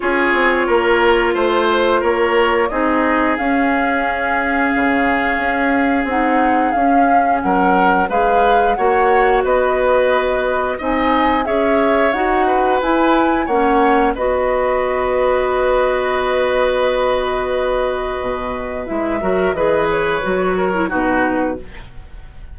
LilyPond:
<<
  \new Staff \with { instrumentName = "flute" } { \time 4/4 \tempo 4 = 89 cis''2 c''4 cis''4 | dis''4 f''2.~ | f''4 fis''4 f''4 fis''4 | f''4 fis''4 dis''2 |
gis''4 e''4 fis''4 gis''4 | fis''4 dis''2.~ | dis''1 | e''4 dis''8 cis''4. b'4 | }
  \new Staff \with { instrumentName = "oboe" } { \time 4/4 gis'4 ais'4 c''4 ais'4 | gis'1~ | gis'2. ais'4 | b'4 cis''4 b'2 |
dis''4 cis''4. b'4. | cis''4 b'2.~ | b'1~ | b'8 ais'8 b'4. ais'8 fis'4 | }
  \new Staff \with { instrumentName = "clarinet" } { \time 4/4 f'1 | dis'4 cis'2.~ | cis'4 dis'4 cis'2 | gis'4 fis'2. |
dis'4 gis'4 fis'4 e'4 | cis'4 fis'2.~ | fis'1 | e'8 fis'8 gis'4 fis'8. e'16 dis'4 | }
  \new Staff \with { instrumentName = "bassoon" } { \time 4/4 cis'8 c'8 ais4 a4 ais4 | c'4 cis'2 cis4 | cis'4 c'4 cis'4 fis4 | gis4 ais4 b2 |
c'4 cis'4 dis'4 e'4 | ais4 b2.~ | b2. b,4 | gis8 fis8 e4 fis4 b,4 | }
>>